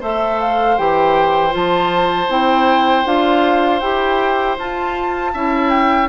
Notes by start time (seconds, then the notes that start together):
0.00 A3 A4 C5 E5
0.41 F5
0.78 E3 G4 G5
1.50 F3 F4 A5
2.29 C4 E4 G5
3.05 D4 F4 F5
3.80 E4 G4 G5
4.58 F4 A5
5.34 C#4 E4 E5
5.70 G5